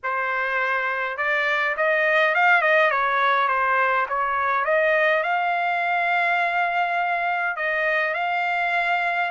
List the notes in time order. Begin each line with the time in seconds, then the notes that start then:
0.03 C5
1.17 D5
1.77 D#5
2.34 F5
2.61 D#5
2.90 C#5
3.48 C5
4.08 C#5
4.64 D#5
5.23 F5
7.56 D#5
8.14 F5